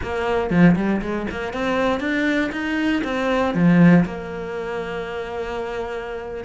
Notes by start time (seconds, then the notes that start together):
0.02 A#3
0.50 F3
0.76 G3
1.01 G#3
1.30 A#3
1.53 C4
2.00 D4
2.52 D#4
3.04 C4
3.54 F3
4.05 A#3